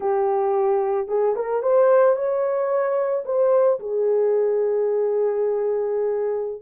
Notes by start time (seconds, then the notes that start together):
0.00 G4
1.07 G#4
1.35 A#4
1.62 C5
2.16 C#5
3.25 C5
3.79 G#4